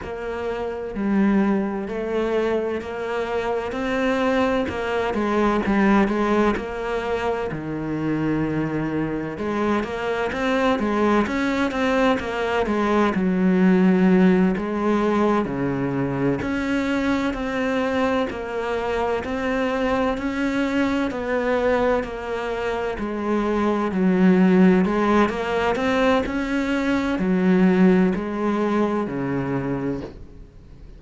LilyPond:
\new Staff \with { instrumentName = "cello" } { \time 4/4 \tempo 4 = 64 ais4 g4 a4 ais4 | c'4 ais8 gis8 g8 gis8 ais4 | dis2 gis8 ais8 c'8 gis8 | cis'8 c'8 ais8 gis8 fis4. gis8~ |
gis8 cis4 cis'4 c'4 ais8~ | ais8 c'4 cis'4 b4 ais8~ | ais8 gis4 fis4 gis8 ais8 c'8 | cis'4 fis4 gis4 cis4 | }